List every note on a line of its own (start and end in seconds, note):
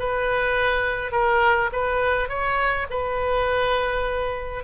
0.00 1.12 B4
1.12 1.71 A#4
1.73 2.29 B4
2.29 2.88 C#5
2.90 4.65 B4